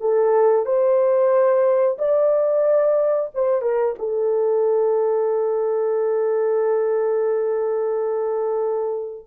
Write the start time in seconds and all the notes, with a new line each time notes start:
0.00 A4
0.65 C5
1.98 D5
3.34 C5
3.61 A#4
3.98 A4